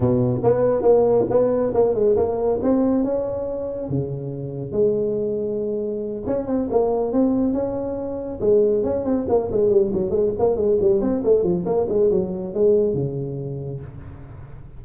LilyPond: \new Staff \with { instrumentName = "tuba" } { \time 4/4 \tempo 4 = 139 b,4 b4 ais4 b4 | ais8 gis8 ais4 c'4 cis'4~ | cis'4 cis2 gis4~ | gis2~ gis8 cis'8 c'8 ais8~ |
ais8 c'4 cis'2 gis8~ | gis8 cis'8 c'8 ais8 gis8 g8 fis8 gis8 | ais8 gis8 g8 c'8 a8 f8 ais8 gis8 | fis4 gis4 cis2 | }